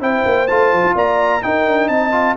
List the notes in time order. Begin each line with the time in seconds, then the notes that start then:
0.00 C4 E4 C5 G5
0.25 A#3
0.47 A3 F4 A5
0.73 F3
0.83 F4
0.94 A#3 D5 A#5
1.42 D#4 A#4 G5
1.66 D4
1.88 C4 D#5 A5
2.12 F4